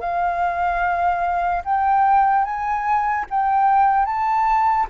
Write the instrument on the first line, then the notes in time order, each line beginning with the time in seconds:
flute
0.00 F5
1.64 G5
2.44 G#5
3.30 G5
4.05 A5